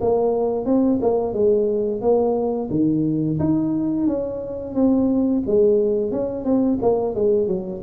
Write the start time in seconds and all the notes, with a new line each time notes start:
0.00 A#3
0.65 C4
1.01 A#3
1.33 G#3
2.01 A#3
2.70 D#3
3.39 D#4
4.07 C#4
4.74 C4
5.46 G#3
6.11 C#4
6.44 C4
6.81 A#3
7.15 G#3
7.47 F#3